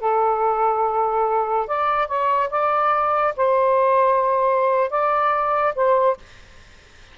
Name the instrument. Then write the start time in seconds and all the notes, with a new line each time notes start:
saxophone
0.00 A4
1.67 D5
2.08 C#5
2.50 D5
3.36 C5
4.90 D5
5.75 C5